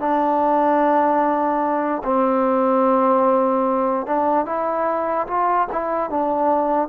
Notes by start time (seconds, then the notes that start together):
0.00 D4
2.04 C4
4.07 D4
4.46 E4
5.27 F4
5.72 E4
6.10 D4